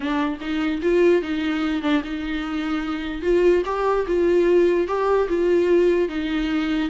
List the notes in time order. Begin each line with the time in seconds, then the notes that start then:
0.00 D4
0.40 D#4
0.81 F4
1.22 D#4
1.82 D4
2.03 D#4
3.22 F4
3.65 G4
4.07 F4
4.87 G4
5.28 F4
6.08 D#4